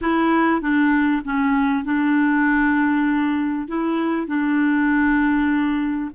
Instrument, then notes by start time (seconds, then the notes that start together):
clarinet
0.01 E4
0.61 D4
1.24 C#4
1.84 D4
3.68 E4
4.27 D4